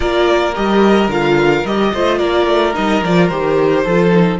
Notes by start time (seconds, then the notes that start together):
0.00 A#3 F4 A#4 D5
0.55 G3 G4 D#5
1.07 D3 F4 F5
1.65 G3 G4 D#5
1.93 A3 F4 C5
2.18 A#3 A#4 D5
2.46 A3
2.73 G3 D#4 D#5
3.02 F3 F4 D5
3.28 D#3 G4 C5
3.83 F3 F4 A4
4.10 D#4